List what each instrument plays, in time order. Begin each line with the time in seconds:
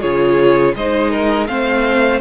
0.00 cello C#3, viola F4, violin G#4 C#5
0.74 cello G#3, viola D#4, violin C5 D#5
1.11 violin A#4
1.47 cello A3, viola C4, violin C5 F5